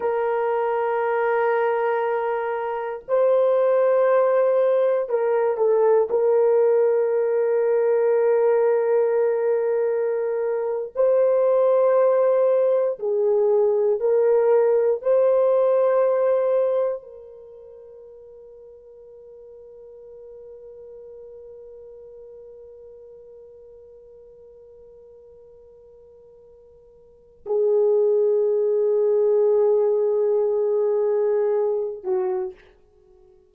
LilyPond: \new Staff \with { instrumentName = "horn" } { \time 4/4 \tempo 4 = 59 ais'2. c''4~ | c''4 ais'8 a'8 ais'2~ | ais'2~ ais'8. c''4~ c''16~ | c''8. gis'4 ais'4 c''4~ c''16~ |
c''8. ais'2.~ ais'16~ | ais'1~ | ais'2. gis'4~ | gis'2.~ gis'8 fis'8 | }